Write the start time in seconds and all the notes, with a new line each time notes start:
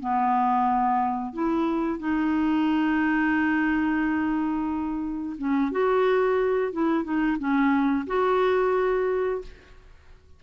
0.00 B3
1.33 E4
1.99 D#4
5.38 C#4
5.72 F#4
6.72 E4
7.04 D#4
7.39 C#4
8.07 F#4